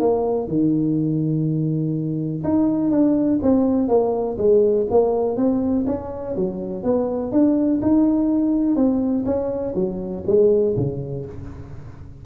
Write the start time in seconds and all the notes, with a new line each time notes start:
0.00 A#3
0.48 D#3
2.44 D#4
2.91 D4
3.43 C4
3.88 A#3
4.38 G#3
4.91 A#3
5.37 C4
5.87 C#4
6.36 F#3
6.84 B3
7.32 D4
7.82 D#4
8.76 C4
9.26 C#4
9.75 F#3
10.27 G#3
10.77 C#3